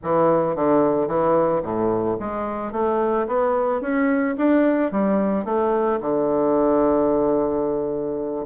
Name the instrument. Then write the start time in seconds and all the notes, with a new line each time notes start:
bassoon
0.03 E3
0.55 D3
1.07 E3
1.62 A2
2.19 G#3
2.72 A3
3.27 B3
3.81 C#4
4.37 D4
4.91 G3
5.44 A3
6.00 D3